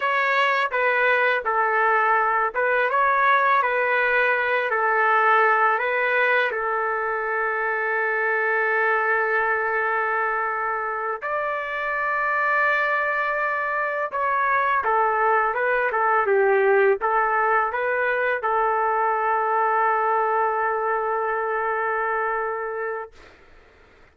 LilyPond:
\new Staff \with { instrumentName = "trumpet" } { \time 4/4 \tempo 4 = 83 cis''4 b'4 a'4. b'8 | cis''4 b'4. a'4. | b'4 a'2.~ | a'2.~ a'8 d''8~ |
d''2.~ d''8 cis''8~ | cis''8 a'4 b'8 a'8 g'4 a'8~ | a'8 b'4 a'2~ a'8~ | a'1 | }